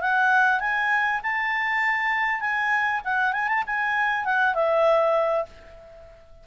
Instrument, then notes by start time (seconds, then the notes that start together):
clarinet
0.00 F#5
0.60 G#5
1.22 A5
2.40 G#5
3.04 F#5
3.33 G#5
3.48 A5
3.66 G#5
4.25 F#5
4.54 E5